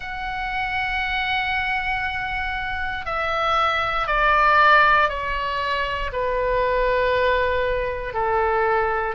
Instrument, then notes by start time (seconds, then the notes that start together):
oboe
0.00 F#5
3.05 E5
4.07 D5
5.09 C#5
6.12 B4
8.14 A4